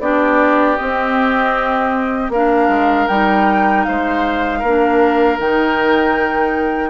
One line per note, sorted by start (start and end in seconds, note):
0.00 0.77 B3
0.00 0.78 D4
0.00 2.32 G4
0.00 0.77 D5
0.77 2.33 C4
0.77 2.29 C4
0.77 2.31 D#5
2.29 2.68 A#3
2.29 3.10 D4
2.29 3.86 A#4
2.29 3.08 F5
2.69 3.07 G#3
3.08 3.86 G3
3.08 4.64 D#4
3.08 3.84 G5
3.84 4.63 G#3
3.84 4.59 C5
3.84 5.38 F5
4.59 5.38 A#3
4.59 6.90 A#4
4.67 5.40 D4
5.38 6.90 D#3
5.38 6.90 D#4
5.38 6.90 G5